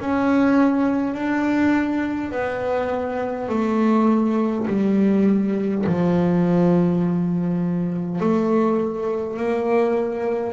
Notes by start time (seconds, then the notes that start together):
0.00 C#4
1.14 D4
2.32 B3
3.49 A3
4.67 G3
5.87 F3
8.21 A3
9.37 A#3